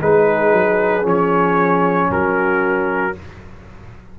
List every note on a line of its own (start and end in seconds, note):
0.00 0.53 G#3
0.00 1.02 D#4
0.00 2.11 G#4
0.00 1.07 B4
0.53 1.05 F#3
1.02 2.10 F3
1.02 3.13 C#4
1.02 2.12 C#5
2.11 3.16 F#3
2.11 3.19 F#4
2.11 3.17 A#4